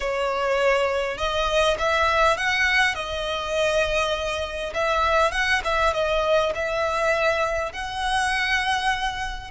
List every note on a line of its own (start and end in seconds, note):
0.00 1.17 C#5
1.17 1.77 D#5
1.78 2.37 E5
2.37 2.95 F#5
2.95 4.73 D#5
4.74 5.31 E5
5.31 5.61 F#5
5.64 5.93 E5
5.93 6.52 D#5
6.55 7.72 E5
7.72 9.50 F#5